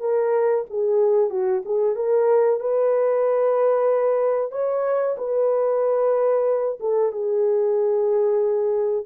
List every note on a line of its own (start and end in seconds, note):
0.00 0.65 A#4
0.70 1.30 G#4
1.30 1.62 F#4
1.65 1.95 G#4
1.95 2.60 A#4
2.60 4.51 B4
4.51 5.16 C#5
5.17 6.79 B4
6.80 7.12 A4
7.12 9.05 G#4